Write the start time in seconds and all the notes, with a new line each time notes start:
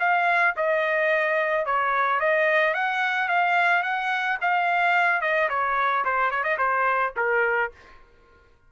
0.00 F5
0.57 D#5
1.66 C#5
2.20 D#5
2.74 F#5
3.29 F5
3.83 F#5
4.42 F5
5.21 D#5
5.50 C#5
6.05 C5
6.31 C#5
6.44 D#5
6.59 C5
7.17 A#4